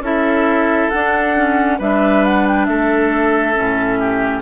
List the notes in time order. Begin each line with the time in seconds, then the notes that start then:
0.00 C#4 E4 A4 E5
0.90 D4 F#5
1.36 C#4
1.79 G3 D4 B4 E5
2.25 F#5
2.48 G5
2.65 A3 A4 E5
3.55 A2 C#4
3.99 G4